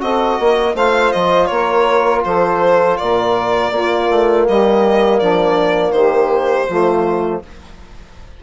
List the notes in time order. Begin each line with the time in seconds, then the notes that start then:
0.00 C4 F#4 A4 D#5
0.40 A#3 A#4
0.75 A3 F4 C5 F5
1.12 F3 D#5
1.46 A#3 C#5
1.53 A#4
2.25 F3 A4 C5
2.98 A#2 A#4 D5
3.72 A#3 F4
4.10 A3
4.48 G3 G4 D#5
5.20 F3 D4 D5
5.92 D#3 G4 C5
6.69 F3 A3 F4